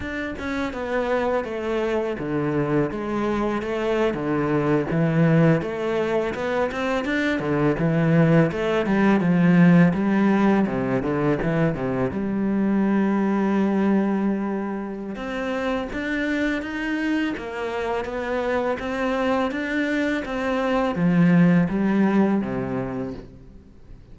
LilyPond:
\new Staff \with { instrumentName = "cello" } { \time 4/4 \tempo 4 = 83 d'8 cis'8 b4 a4 d4 | gis4 a8. d4 e4 a16~ | a8. b8 c'8 d'8 d8 e4 a16~ | a16 g8 f4 g4 c8 d8 e16~ |
e16 c8 g2.~ g16~ | g4 c'4 d'4 dis'4 | ais4 b4 c'4 d'4 | c'4 f4 g4 c4 | }